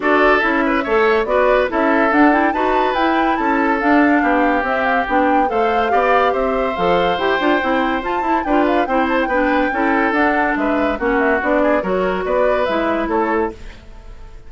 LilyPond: <<
  \new Staff \with { instrumentName = "flute" } { \time 4/4 \tempo 4 = 142 d''4 e''2 d''4 | e''4 fis''8 g''8 a''4 g''4 | a''4 f''2 e''8 f''8 | g''4 f''2 e''4 |
f''4 g''2 a''4 | g''8 f''8 g''8 a''16 g''2~ g''16 | fis''4 e''4 fis''8 e''8 d''4 | cis''4 d''4 e''4 cis''4 | }
  \new Staff \with { instrumentName = "oboe" } { \time 4/4 a'4. b'8 cis''4 b'4 | a'2 b'2 | a'2 g'2~ | g'4 c''4 d''4 c''4~ |
c''1 | b'4 c''4 b'4 a'4~ | a'4 b'4 fis'4. gis'8 | ais'4 b'2 a'4 | }
  \new Staff \with { instrumentName = "clarinet" } { \time 4/4 fis'4 e'4 a'4 fis'4 | e'4 d'8 e'8 fis'4 e'4~ | e'4 d'2 c'4 | d'4 a'4 g'2 |
a'4 g'8 f'8 e'4 f'8 e'8 | f'4 e'4 d'4 e'4 | d'2 cis'4 d'4 | fis'2 e'2 | }
  \new Staff \with { instrumentName = "bassoon" } { \time 4/4 d'4 cis'4 a4 b4 | cis'4 d'4 dis'4 e'4 | cis'4 d'4 b4 c'4 | b4 a4 b4 c'4 |
f4 e'8 d'8 c'4 f'8 e'8 | d'4 c'4 b4 cis'4 | d'4 gis4 ais4 b4 | fis4 b4 gis4 a4 | }
>>